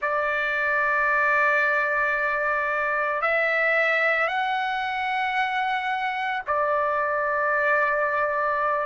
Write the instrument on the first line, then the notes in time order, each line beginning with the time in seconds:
trumpet
0.01 D5
3.21 E5
4.27 F#5
6.46 D5